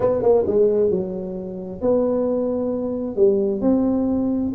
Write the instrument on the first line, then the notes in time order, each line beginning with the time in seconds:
tuba
0.00 B3
0.22 A#3
0.46 G#3
0.90 F#3
1.81 B3
3.15 G3
3.61 C4